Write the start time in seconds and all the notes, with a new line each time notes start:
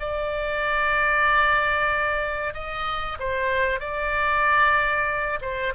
0.00 D5
2.54 D#5
3.19 C5
3.80 D5
5.42 C5